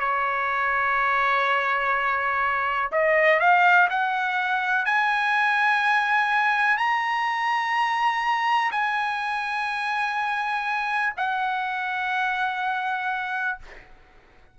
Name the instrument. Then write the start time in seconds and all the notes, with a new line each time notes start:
trumpet
0.00 C#5
2.92 D#5
3.40 F5
3.90 F#5
4.86 G#5
6.78 A#5
8.72 G#5
11.17 F#5